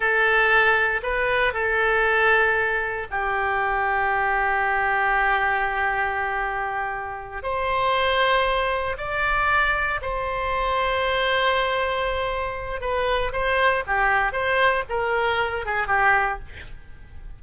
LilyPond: \new Staff \with { instrumentName = "oboe" } { \time 4/4 \tempo 4 = 117 a'2 b'4 a'4~ | a'2 g'2~ | g'1~ | g'2~ g'8 c''4.~ |
c''4. d''2 c''8~ | c''1~ | c''4 b'4 c''4 g'4 | c''4 ais'4. gis'8 g'4 | }